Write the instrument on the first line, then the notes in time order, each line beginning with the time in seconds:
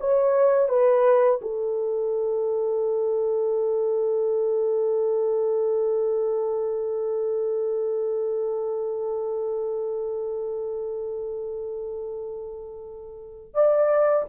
horn
0.00 C#5
0.69 B4
1.42 A4
13.54 D5